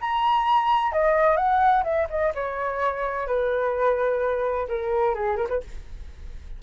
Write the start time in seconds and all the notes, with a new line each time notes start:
0.00 A#5
0.92 D#5
1.36 F#5
1.83 E5
2.09 D#5
2.34 C#5
3.26 B4
4.68 A#4
5.14 G#4
5.36 A#4
5.48 B4